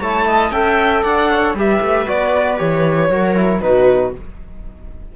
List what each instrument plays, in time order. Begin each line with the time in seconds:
0.00 cello A3, trombone E4, viola C#5, violin A5
0.27 viola D#5
0.51 cello C#4, trombone A4, viola E5, violin G5
1.03 cello D4, viola D5, violin F#5
1.31 viola C#5
1.55 cello G3, trombone G4, viola B4, violin E5
1.82 cello A3
2.07 cello B3, trombone F#4, violin D5
2.58 cello E3, trombone G4, violin C#5
3.10 cello F#3, trombone F#4, viola A#4
3.36 trombone E4
3.61 cello B2, trombone D#4, viola F#4, violin B4